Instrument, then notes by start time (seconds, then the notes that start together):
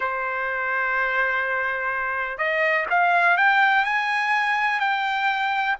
trumpet
0.00 C5
2.38 D#5
2.90 F5
3.37 G5
3.84 G#5
4.80 G5